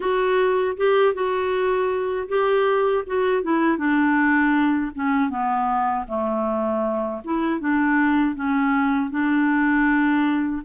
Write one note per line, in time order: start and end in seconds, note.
0.00 0.76 F#4
0.76 1.14 G4
1.14 2.28 F#4
2.28 3.04 G4
3.06 3.42 F#4
3.42 3.77 E4
3.77 4.91 D4
4.94 5.29 C#4
5.29 6.05 B3
6.07 7.21 A3
7.24 7.59 E4
7.59 8.35 D4
8.35 9.10 C#4
9.10 10.62 D4